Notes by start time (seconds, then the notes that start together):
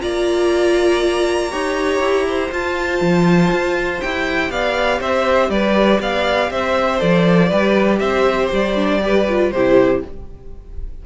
0.00 A#3 F4 D5 A#5
1.50 D#4 G4 C#5
2.00 E4
2.28 C5
2.51 F4 A5
3.01 F3
3.51 F4
4.00 E4 G4 G5
4.50 B3 D5 F5
5.00 C4 C5 E5
5.49 G3 B4 D5
6.00 B3 D5 F5
6.51 C4 C5 E5
6.99 F3 A4 D5
7.49 G3 G4 B4
7.99 C4 C5 E5
8.52 G3 D5
8.75 D4
9.02 G4 B4
9.29 F4
9.51 C3 E4 G4 C5